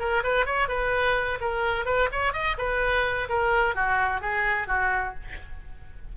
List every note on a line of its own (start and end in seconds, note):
0.00 0.23 A#4
0.24 0.46 B4
0.46 0.69 C#5
0.69 1.39 B4
1.41 1.86 A#4
1.86 2.09 B4
2.12 2.34 C#5
2.34 2.57 D#5
2.58 3.29 B4
3.29 3.76 A#4
3.76 4.21 F#4
4.21 4.68 G#4
4.68 5.15 F#4